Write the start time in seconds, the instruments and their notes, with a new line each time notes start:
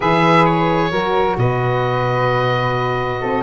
0.00 tuba E3, saxophone G#4, flute B4, oboe E5
0.45 oboe C#5
0.91 tuba F#3, saxophone F#4, flute A#4
1.37 tuba B2, flute B4, oboe D#5
3.21 tuba C4, flute A4